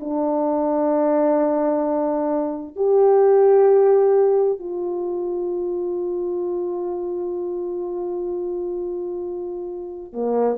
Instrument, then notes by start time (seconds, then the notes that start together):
horn
0.00 D4
2.76 G4
4.59 F4
10.13 A#3